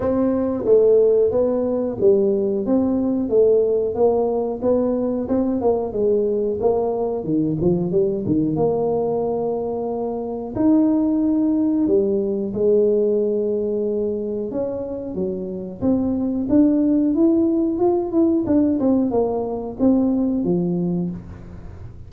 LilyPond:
\new Staff \with { instrumentName = "tuba" } { \time 4/4 \tempo 4 = 91 c'4 a4 b4 g4 | c'4 a4 ais4 b4 | c'8 ais8 gis4 ais4 dis8 f8 | g8 dis8 ais2. |
dis'2 g4 gis4~ | gis2 cis'4 fis4 | c'4 d'4 e'4 f'8 e'8 | d'8 c'8 ais4 c'4 f4 | }